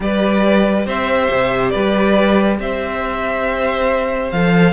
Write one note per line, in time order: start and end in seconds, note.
0.00 0.86 G3
0.00 4.32 G4
0.00 0.86 B4
0.00 0.87 D5
0.86 1.29 C4
0.86 1.71 C5
0.86 1.69 E5
1.31 1.74 C3
1.69 2.58 G3
1.69 2.57 B4
1.69 2.55 D5
2.58 4.31 C4
2.58 4.73 C5
2.58 4.31 E5
4.31 4.73 F3
4.31 4.73 A4
4.31 4.73 F5